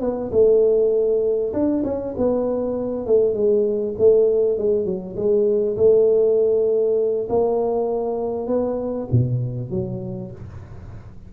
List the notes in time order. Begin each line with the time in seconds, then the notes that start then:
0.00 B3
0.31 A3
1.53 D4
1.84 C#4
2.17 B3
3.06 A3
3.34 G#3
3.98 A3
4.58 G#3
4.85 F#3
5.15 G#3
5.76 A3
7.29 A#3
8.47 B3
9.11 B2
9.70 F#3